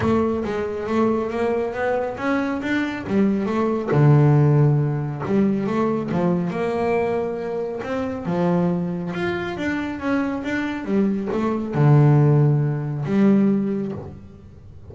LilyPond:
\new Staff \with { instrumentName = "double bass" } { \time 4/4 \tempo 4 = 138 a4 gis4 a4 ais4 | b4 cis'4 d'4 g4 | a4 d2. | g4 a4 f4 ais4~ |
ais2 c'4 f4~ | f4 f'4 d'4 cis'4 | d'4 g4 a4 d4~ | d2 g2 | }